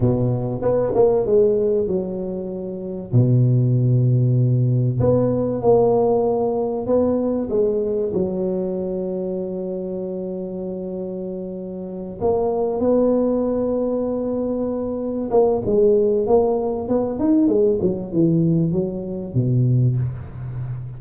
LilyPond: \new Staff \with { instrumentName = "tuba" } { \time 4/4 \tempo 4 = 96 b,4 b8 ais8 gis4 fis4~ | fis4 b,2. | b4 ais2 b4 | gis4 fis2.~ |
fis2.~ fis8 ais8~ | ais8 b2.~ b8~ | b8 ais8 gis4 ais4 b8 dis'8 | gis8 fis8 e4 fis4 b,4 | }